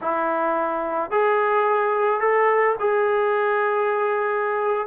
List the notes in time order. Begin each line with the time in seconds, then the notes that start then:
0.01 E4
1.10 G#4
2.20 A4
2.79 G#4